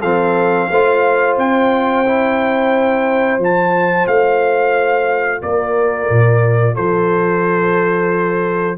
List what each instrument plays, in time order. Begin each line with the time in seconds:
0.00 tuba F3, trombone C4, horn A4, trumpet F5
0.70 tuba A3, trombone F4, horn C5
1.37 tuba C4, trumpet G5
2.05 trombone E4
3.38 tuba F3, trombone F4, trumpet A5
4.07 tuba A3, trumpet F5
5.42 tuba A#3, horn A#4, trumpet D5
6.10 tuba A#2
6.75 tuba F3, horn A4, trumpet C5